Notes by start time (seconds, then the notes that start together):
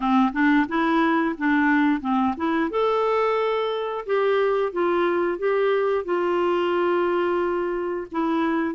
0.00 C4
0.32 D4
0.68 E4
1.38 D4
2.00 C4
2.37 E4
2.70 A4
4.06 G4
4.72 F4
5.38 G4
6.04 F4
8.11 E4